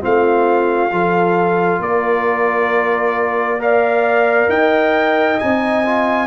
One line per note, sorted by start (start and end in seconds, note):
0.00 0.91 A3
0.00 0.90 C4
0.00 0.92 F4
0.00 1.82 F5
0.91 1.79 F3
0.91 3.59 F4
0.91 1.82 A4
1.79 4.48 A#3
1.79 3.62 A#4
1.79 3.61 D5
3.59 5.38 A#4
3.59 4.51 D5
3.59 4.49 F5
4.48 5.38 D#4
4.48 6.27 D#5
4.48 5.39 G5
5.39 6.27 C4
5.39 5.84 D#4
5.39 6.27 G#5
5.85 6.27 F4